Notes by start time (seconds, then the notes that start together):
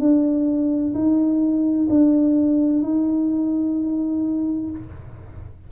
0.00 D4
0.94 D#4
1.90 D4
2.83 D#4